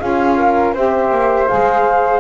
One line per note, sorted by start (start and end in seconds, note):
0.00 0.75 C#4
0.00 0.74 F4
0.00 0.37 G#4
0.00 0.75 F5
0.38 0.74 A#4
0.74 1.11 C4
0.74 1.47 G4
0.74 2.21 C5
0.74 1.49 E5
1.11 1.48 A#3
1.47 2.21 G#3
1.47 2.21 G#4
1.47 2.21 F5